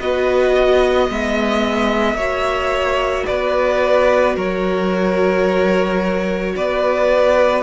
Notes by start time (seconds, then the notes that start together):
0.00 B3 F#4 B4 D#5
0.55 D#5
1.09 G#3 B3 E5
2.14 A#3 F#4 C#5
3.26 B3 B4 D5
4.35 F#3 A#4 C#5
6.56 B3 B4 D5